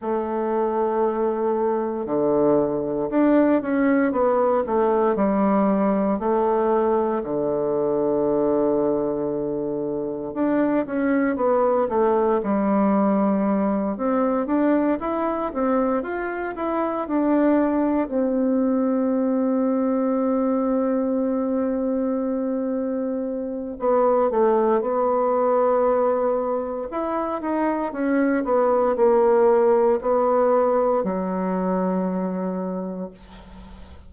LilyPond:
\new Staff \with { instrumentName = "bassoon" } { \time 4/4 \tempo 4 = 58 a2 d4 d'8 cis'8 | b8 a8 g4 a4 d4~ | d2 d'8 cis'8 b8 a8 | g4. c'8 d'8 e'8 c'8 f'8 |
e'8 d'4 c'2~ c'8~ | c'2. b8 a8 | b2 e'8 dis'8 cis'8 b8 | ais4 b4 fis2 | }